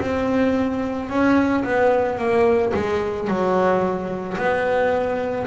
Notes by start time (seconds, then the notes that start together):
0.00 C4
1.09 C#4
1.64 B3
2.18 A#3
2.73 G#3
3.27 F#3
4.37 B3